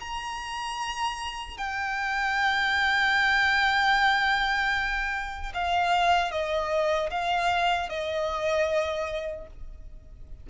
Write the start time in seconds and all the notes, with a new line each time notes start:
0.00 A#5
1.58 G5
5.54 F5
6.32 D#5
7.11 F5
7.89 D#5